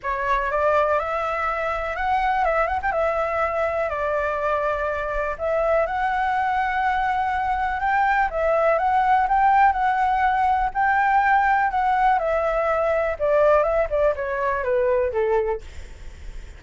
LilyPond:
\new Staff \with { instrumentName = "flute" } { \time 4/4 \tempo 4 = 123 cis''4 d''4 e''2 | fis''4 e''8 fis''16 g''16 e''2 | d''2. e''4 | fis''1 |
g''4 e''4 fis''4 g''4 | fis''2 g''2 | fis''4 e''2 d''4 | e''8 d''8 cis''4 b'4 a'4 | }